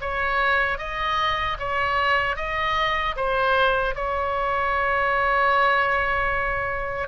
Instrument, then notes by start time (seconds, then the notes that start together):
oboe
0.00 C#5
0.78 D#5
1.59 C#5
2.36 D#5
3.16 C5
3.94 C#5